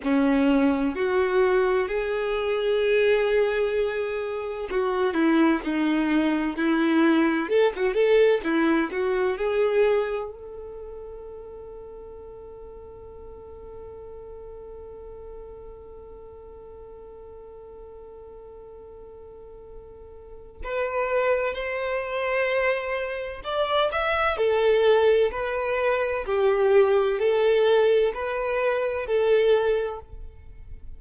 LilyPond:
\new Staff \with { instrumentName = "violin" } { \time 4/4 \tempo 4 = 64 cis'4 fis'4 gis'2~ | gis'4 fis'8 e'8 dis'4 e'4 | a'16 fis'16 a'8 e'8 fis'8 gis'4 a'4~ | a'1~ |
a'1~ | a'2 b'4 c''4~ | c''4 d''8 e''8 a'4 b'4 | g'4 a'4 b'4 a'4 | }